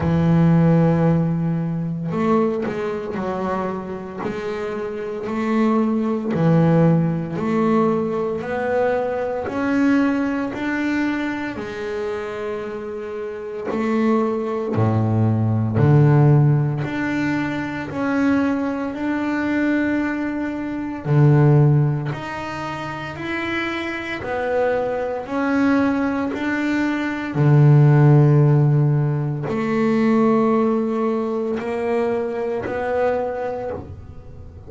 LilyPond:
\new Staff \with { instrumentName = "double bass" } { \time 4/4 \tempo 4 = 57 e2 a8 gis8 fis4 | gis4 a4 e4 a4 | b4 cis'4 d'4 gis4~ | gis4 a4 a,4 d4 |
d'4 cis'4 d'2 | d4 dis'4 e'4 b4 | cis'4 d'4 d2 | a2 ais4 b4 | }